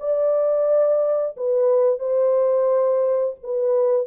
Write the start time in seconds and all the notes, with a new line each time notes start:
0.00 D5
1.37 B4
1.99 C5
3.44 B4